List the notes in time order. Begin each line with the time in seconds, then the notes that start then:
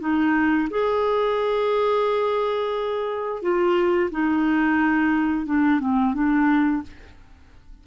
0.00 D#4
0.70 G#4
3.42 F4
4.11 D#4
5.46 D4
5.80 C4
6.14 D4